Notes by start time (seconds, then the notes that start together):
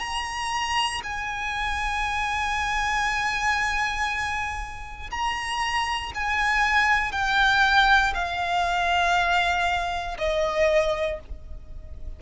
0.00 A#5
1.04 G#5
5.11 A#5
6.15 G#5
7.12 G5
8.14 F5
10.18 D#5